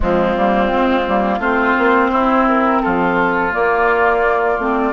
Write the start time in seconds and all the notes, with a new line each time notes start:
0.00 F3 G#3 C4 F4
0.36 G3 A#3
0.66 C4
0.73 G#3
1.06 G3 A#3
1.38 A3 C4 F4 C5
1.78 A#3
2.10 C4 E4
2.48 A#4
2.81 F3 F4 A4
3.51 A#3 D5
4.58 A3 C4